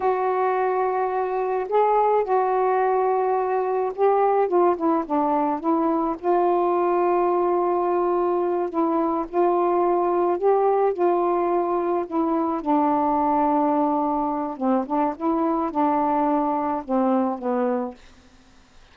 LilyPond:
\new Staff \with { instrumentName = "saxophone" } { \time 4/4 \tempo 4 = 107 fis'2. gis'4 | fis'2. g'4 | f'8 e'8 d'4 e'4 f'4~ | f'2.~ f'8 e'8~ |
e'8 f'2 g'4 f'8~ | f'4. e'4 d'4.~ | d'2 c'8 d'8 e'4 | d'2 c'4 b4 | }